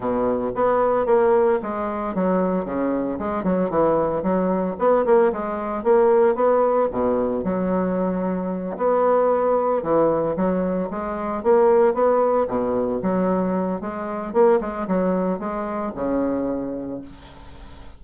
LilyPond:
\new Staff \with { instrumentName = "bassoon" } { \time 4/4 \tempo 4 = 113 b,4 b4 ais4 gis4 | fis4 cis4 gis8 fis8 e4 | fis4 b8 ais8 gis4 ais4 | b4 b,4 fis2~ |
fis8 b2 e4 fis8~ | fis8 gis4 ais4 b4 b,8~ | b,8 fis4. gis4 ais8 gis8 | fis4 gis4 cis2 | }